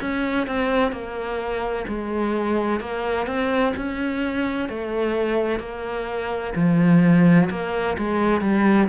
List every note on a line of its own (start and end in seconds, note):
0.00 0.46 C#4
0.46 0.91 C4
0.91 1.85 A#3
1.87 2.80 G#3
2.80 3.26 A#3
3.26 3.73 C4
3.76 4.68 C#4
4.68 5.59 A3
5.59 6.53 A#3
6.55 7.49 F3
7.50 7.96 A#3
7.97 8.41 G#3
8.41 8.88 G3